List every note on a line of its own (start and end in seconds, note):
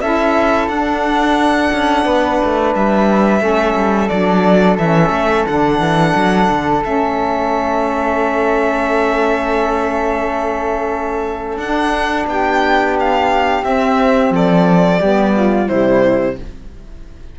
0.00 0.67 C#4
0.00 0.70 E4
0.00 2.05 A4
0.00 0.68 E5
0.67 1.69 D4
0.67 3.39 D4
0.67 2.73 F#5
1.72 2.05 C#4
2.05 2.39 B3
2.05 3.41 B4
2.44 2.75 A3
2.75 3.40 G3
2.75 4.08 E5
3.39 3.74 A3
3.39 4.07 C#4
3.39 12.28 A4
3.75 4.09 G3
4.08 4.78 F#3
4.08 4.79 D4
4.08 4.76 D5
4.78 5.10 E3
4.78 5.47 C#4
4.78 5.46 E5
5.10 5.44 A3
5.46 5.79 D3
5.46 6.83 D4
5.46 6.83 F#5
5.79 6.13 E3
6.15 6.49 F#3
6.49 6.84 D3
6.83 11.57 A3
6.83 11.60 C#4
6.83 11.57 E5
11.57 12.25 D4
11.57 13.63 D4
11.57 12.25 F#5
12.26 13.62 B3
12.26 14.34 G4
12.26 12.97 G5
12.99 13.64 F5
13.63 14.30 C4
13.63 15.00 C4
13.63 14.32 E5
14.30 14.98 F3
14.30 14.99 A4
14.30 15.67 D5
14.99 15.69 G3
14.99 15.66 B3
14.99 15.33 G4
15.35 15.68 F4
15.66 16.38 C3
15.66 16.35 G3
15.66 16.36 E4
15.66 16.36 C5